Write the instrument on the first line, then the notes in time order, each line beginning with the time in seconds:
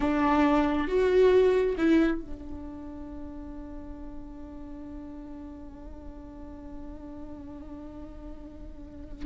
viola
0.00 D4
0.87 F#4
1.77 E4
2.21 D4